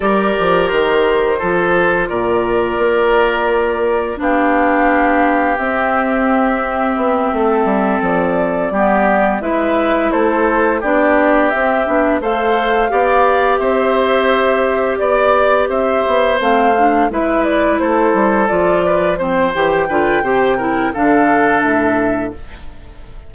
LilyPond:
<<
  \new Staff \with { instrumentName = "flute" } { \time 4/4 \tempo 4 = 86 d''4 c''2 d''4~ | d''2 f''2 | e''2.~ e''8 d''8~ | d''4. e''4 c''4 d''8~ |
d''8 e''4 f''2 e''8~ | e''4. d''4 e''4 f''8~ | f''8 e''8 d''8 c''4 d''4 c''8 | g''2 f''4 e''4 | }
  \new Staff \with { instrumentName = "oboe" } { \time 4/4 ais'2 a'4 ais'4~ | ais'2 g'2~ | g'2~ g'8 a'4.~ | a'8 g'4 b'4 a'4 g'8~ |
g'4. c''4 d''4 c''8~ | c''4. d''4 c''4.~ | c''8 b'4 a'4. b'8 c''8~ | c''8 b'8 c''8 ais'8 a'2 | }
  \new Staff \with { instrumentName = "clarinet" } { \time 4/4 g'2 f'2~ | f'2 d'2 | c'1~ | c'8 b4 e'2 d'8~ |
d'8 c'8 d'8 a'4 g'4.~ | g'2.~ g'8 c'8 | d'8 e'2 f'4 c'8 | g'8 f'8 g'8 e'8 d'2 | }
  \new Staff \with { instrumentName = "bassoon" } { \time 4/4 g8 f8 dis4 f4 ais,4 | ais2 b2 | c'2 b8 a8 g8 f8~ | f8 g4 gis4 a4 b8~ |
b8 c'8 b8 a4 b4 c'8~ | c'4. b4 c'8 b8 a8~ | a8 gis4 a8 g8 f4. | e8 d8 c4 d4 a,4 | }
>>